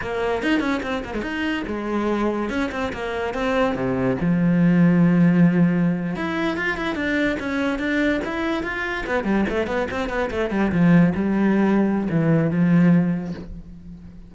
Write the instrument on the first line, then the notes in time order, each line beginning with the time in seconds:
cello
0.01 A#3
0.43 D#4
0.60 C#4
0.82 C4
1.04 A#3
1.14 G#3
1.22 D#4
1.67 G#3
2.49 C#4
2.71 C4
2.92 A#3
3.34 C4
3.75 C3
4.20 F3
6.16 E4
6.56 F4
6.77 E4
6.95 D4
7.39 C#4
7.78 D4
8.24 E4
8.63 F4
9.06 B3
9.24 G3
9.49 A3
9.66 B3
9.90 C4
10.09 B3
10.30 A3
10.50 G3
10.72 F3
11.14 G3
12.10 E3
12.50 F3